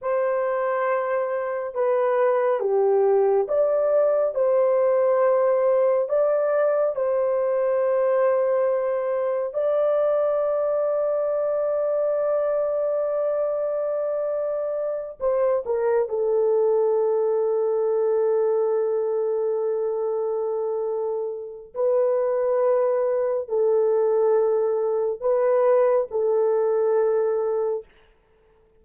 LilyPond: \new Staff \with { instrumentName = "horn" } { \time 4/4 \tempo 4 = 69 c''2 b'4 g'4 | d''4 c''2 d''4 | c''2. d''4~ | d''1~ |
d''4. c''8 ais'8 a'4.~ | a'1~ | a'4 b'2 a'4~ | a'4 b'4 a'2 | }